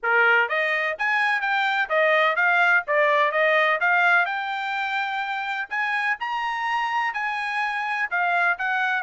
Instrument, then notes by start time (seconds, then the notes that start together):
trumpet
0.02 A#4
0.48 D#5
0.98 G#5
1.41 G5
1.89 D#5
2.36 F5
2.87 D5
3.31 D#5
3.80 F5
4.25 G5
5.69 G#5
6.20 A#5
7.13 G#5
8.10 F5
8.58 F#5